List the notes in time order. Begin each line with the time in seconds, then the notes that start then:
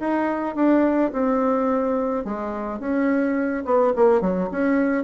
0.00 D#4
0.56 D4
1.13 C4
2.25 G#3
2.80 C#4
3.65 B3
3.96 A#3
4.21 F#3
4.52 C#4